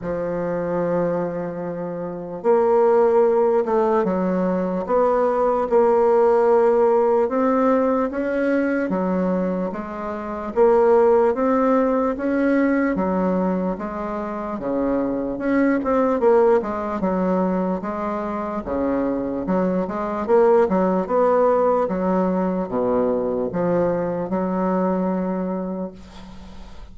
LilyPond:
\new Staff \with { instrumentName = "bassoon" } { \time 4/4 \tempo 4 = 74 f2. ais4~ | ais8 a8 fis4 b4 ais4~ | ais4 c'4 cis'4 fis4 | gis4 ais4 c'4 cis'4 |
fis4 gis4 cis4 cis'8 c'8 | ais8 gis8 fis4 gis4 cis4 | fis8 gis8 ais8 fis8 b4 fis4 | b,4 f4 fis2 | }